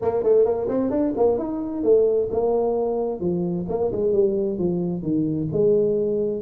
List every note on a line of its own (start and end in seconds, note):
0.01 0.23 A#3
0.23 0.45 A3
0.45 0.68 A#3
0.68 0.90 C4
0.90 1.13 D4
1.16 1.38 A#3
1.38 1.83 D#4
1.83 2.29 A3
2.31 3.20 A#3
3.20 3.66 F3
3.68 3.91 A#3
3.91 4.12 G#3
4.12 4.58 G3
4.58 5.02 F3
5.02 5.48 D#3
5.52 6.42 G#3